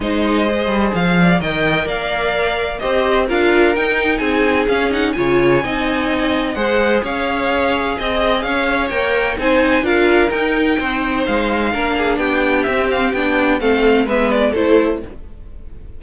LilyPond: <<
  \new Staff \with { instrumentName = "violin" } { \time 4/4 \tempo 4 = 128 dis''2 f''4 g''4 | f''2 dis''4 f''4 | g''4 gis''4 f''8 fis''8 gis''4~ | gis''2 fis''4 f''4~ |
f''4 dis''4 f''4 g''4 | gis''4 f''4 g''2 | f''2 g''4 e''8 f''8 | g''4 f''4 e''8 d''8 c''4 | }
  \new Staff \with { instrumentName = "violin" } { \time 4/4 c''2~ c''8 d''8 dis''4 | d''2 c''4 ais'4~ | ais'4 gis'2 cis''4 | dis''2 c''4 cis''4~ |
cis''4 dis''4 cis''2 | c''4 ais'2 c''4~ | c''4 ais'8 gis'8 g'2~ | g'4 a'4 b'4 a'4 | }
  \new Staff \with { instrumentName = "viola" } { \time 4/4 dis'4 gis'2 ais'4~ | ais'2 g'4 f'4 | dis'2 cis'8 dis'8 f'4 | dis'2 gis'2~ |
gis'2. ais'4 | dis'4 f'4 dis'2~ | dis'4 d'2 c'4 | d'4 c'4 b4 e'4 | }
  \new Staff \with { instrumentName = "cello" } { \time 4/4 gis4. g8 f4 dis4 | ais2 c'4 d'4 | dis'4 c'4 cis'4 cis4 | c'2 gis4 cis'4~ |
cis'4 c'4 cis'4 ais4 | c'4 d'4 dis'4 c'4 | gis4 ais4 b4 c'4 | b4 a4 gis4 a4 | }
>>